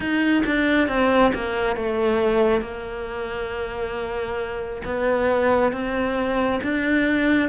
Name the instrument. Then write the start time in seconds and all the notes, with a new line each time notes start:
cello
0.00 D#4
0.46 D4
0.88 C4
1.34 A#3
1.76 A3
2.61 A#3
4.84 B3
5.72 C4
6.63 D4